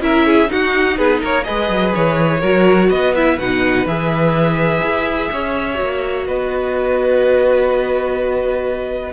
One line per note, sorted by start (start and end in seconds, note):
0.00 0.48 C#4
0.00 0.47 E4
0.00 0.26 A#4
0.00 0.51 E5
0.26 0.50 G#4
0.47 1.43 D#4
0.47 0.98 D#4
0.47 0.97 F#4
0.47 0.97 F#5
0.97 1.22 B3
0.97 1.21 G#4
0.97 1.21 B4
1.21 1.47 A#3
1.21 1.45 A#4
1.21 1.44 C#5
1.44 1.70 G#3
1.44 2.40 G#4
1.44 2.40 B4
1.44 1.92 D#5
1.70 1.94 F#3
1.94 2.42 E3
1.94 2.90 C#5
2.40 2.90 F#3
2.40 3.15 F#4
2.40 2.88 A#4
2.90 3.38 B3
2.90 5.30 B4
2.90 3.14 D#5
3.15 3.39 E4
3.15 3.39 E5
3.38 3.85 B2
3.38 3.87 D#4
3.38 3.87 F#5
3.85 4.81 E3
3.85 5.74 G#4
3.85 6.27 E5
4.82 5.30 E4
5.32 5.80 C#4
5.32 6.27 C#5
5.74 9.10 F#4
5.80 6.28 A#3
6.27 9.12 B3
6.27 9.12 B4
6.27 9.12 D#5